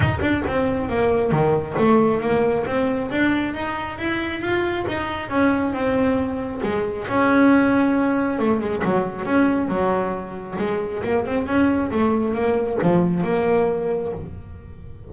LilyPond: \new Staff \with { instrumentName = "double bass" } { \time 4/4 \tempo 4 = 136 dis'8 d'8 c'4 ais4 dis4 | a4 ais4 c'4 d'4 | dis'4 e'4 f'4 dis'4 | cis'4 c'2 gis4 |
cis'2. a8 gis8 | fis4 cis'4 fis2 | gis4 ais8 c'8 cis'4 a4 | ais4 f4 ais2 | }